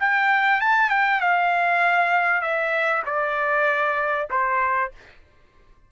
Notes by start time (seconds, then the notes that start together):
0.00 G5
0.61 A5
0.90 G5
1.21 F5
2.42 E5
3.06 D5
4.31 C5